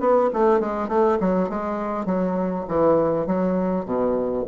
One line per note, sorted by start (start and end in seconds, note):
0.00 0.30 B3
0.33 0.60 A3
0.60 0.88 G#3
0.88 1.18 A3
1.20 1.49 F#3
1.49 2.05 G#3
2.05 2.65 F#3
2.68 3.26 E3
3.26 3.85 F#3
3.85 4.44 B2